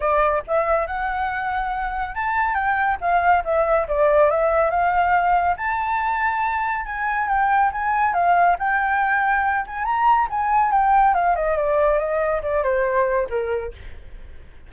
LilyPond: \new Staff \with { instrumentName = "flute" } { \time 4/4 \tempo 4 = 140 d''4 e''4 fis''2~ | fis''4 a''4 g''4 f''4 | e''4 d''4 e''4 f''4~ | f''4 a''2. |
gis''4 g''4 gis''4 f''4 | g''2~ g''8 gis''8 ais''4 | gis''4 g''4 f''8 dis''8 d''4 | dis''4 d''8 c''4. ais'4 | }